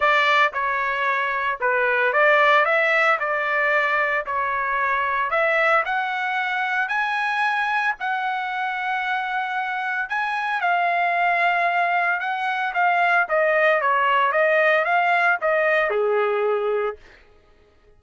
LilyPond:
\new Staff \with { instrumentName = "trumpet" } { \time 4/4 \tempo 4 = 113 d''4 cis''2 b'4 | d''4 e''4 d''2 | cis''2 e''4 fis''4~ | fis''4 gis''2 fis''4~ |
fis''2. gis''4 | f''2. fis''4 | f''4 dis''4 cis''4 dis''4 | f''4 dis''4 gis'2 | }